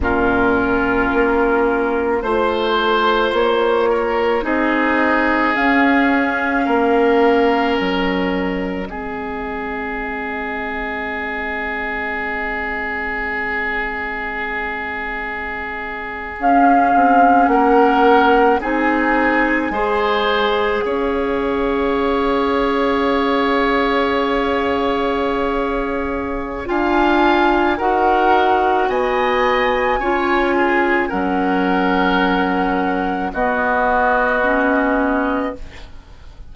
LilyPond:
<<
  \new Staff \with { instrumentName = "flute" } { \time 4/4 \tempo 4 = 54 ais'2 c''4 cis''4 | dis''4 f''2 dis''4~ | dis''1~ | dis''2~ dis''8. f''4 fis''16~ |
fis''8. gis''2 f''4~ f''16~ | f''1 | gis''4 fis''4 gis''2 | fis''2 dis''2 | }
  \new Staff \with { instrumentName = "oboe" } { \time 4/4 f'2 c''4. ais'8 | gis'2 ais'2 | gis'1~ | gis'2.~ gis'8. ais'16~ |
ais'8. gis'4 c''4 cis''4~ cis''16~ | cis''1 | f''4 ais'4 dis''4 cis''8 gis'8 | ais'2 fis'2 | }
  \new Staff \with { instrumentName = "clarinet" } { \time 4/4 cis'2 f'2 | dis'4 cis'2. | c'1~ | c'2~ c'8. cis'4~ cis'16~ |
cis'8. dis'4 gis'2~ gis'16~ | gis'1 | f'4 fis'2 f'4 | cis'2 b4 cis'4 | }
  \new Staff \with { instrumentName = "bassoon" } { \time 4/4 ais,4 ais4 a4 ais4 | c'4 cis'4 ais4 fis4 | gis1~ | gis2~ gis8. cis'8 c'8 ais16~ |
ais8. c'4 gis4 cis'4~ cis'16~ | cis'1 | d'4 dis'4 b4 cis'4 | fis2 b2 | }
>>